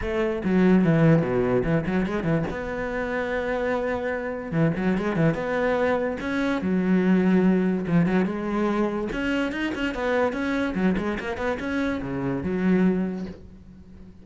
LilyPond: \new Staff \with { instrumentName = "cello" } { \time 4/4 \tempo 4 = 145 a4 fis4 e4 b,4 | e8 fis8 gis8 e8 b2~ | b2. e8 fis8 | gis8 e8 b2 cis'4 |
fis2. f8 fis8 | gis2 cis'4 dis'8 cis'8 | b4 cis'4 fis8 gis8 ais8 b8 | cis'4 cis4 fis2 | }